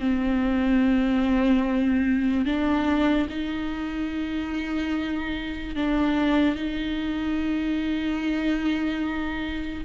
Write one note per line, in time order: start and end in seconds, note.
0.00 2.46 C4
2.46 3.28 D4
3.30 5.76 D#4
5.76 6.56 D4
6.56 9.85 D#4